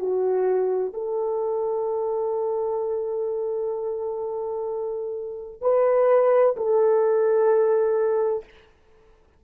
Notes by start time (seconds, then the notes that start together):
0.00 F#4
0.94 A4
5.62 B4
6.57 A4